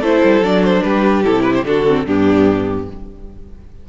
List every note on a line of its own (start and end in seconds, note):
0.00 0.20 A3
0.00 0.44 E4
0.00 0.82 A4
0.00 0.44 C5
0.24 0.40 G3
0.40 0.81 F#3
0.40 1.24 D4
0.40 0.64 D5
0.64 0.82 C5
0.82 1.25 G3
0.82 1.66 G4
0.82 1.23 B4
1.24 1.64 C3
1.24 1.65 E4
1.24 1.42 A4
1.42 1.52 B4
1.54 1.64 C5
1.64 2.05 D3
1.64 1.85 D4
1.64 2.05 F#4
1.64 2.06 A4
1.87 2.07 C4
2.05 2.88 G2
2.05 2.88 B3
2.05 2.87 D4
2.05 2.88 G4